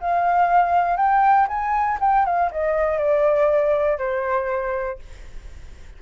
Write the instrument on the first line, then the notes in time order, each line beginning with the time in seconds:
flute
0.00 F5
0.97 G5
1.48 G#5
2.00 G5
2.26 F5
2.51 D#5
2.98 D5
3.98 C5